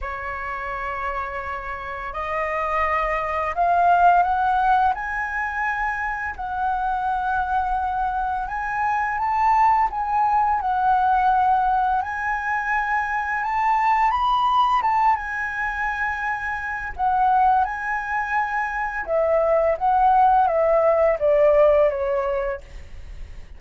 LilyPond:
\new Staff \with { instrumentName = "flute" } { \time 4/4 \tempo 4 = 85 cis''2. dis''4~ | dis''4 f''4 fis''4 gis''4~ | gis''4 fis''2. | gis''4 a''4 gis''4 fis''4~ |
fis''4 gis''2 a''4 | b''4 a''8 gis''2~ gis''8 | fis''4 gis''2 e''4 | fis''4 e''4 d''4 cis''4 | }